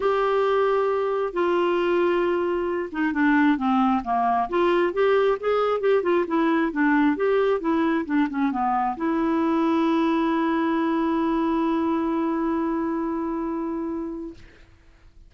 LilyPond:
\new Staff \with { instrumentName = "clarinet" } { \time 4/4 \tempo 4 = 134 g'2. f'4~ | f'2~ f'8 dis'8 d'4 | c'4 ais4 f'4 g'4 | gis'4 g'8 f'8 e'4 d'4 |
g'4 e'4 d'8 cis'8 b4 | e'1~ | e'1~ | e'1 | }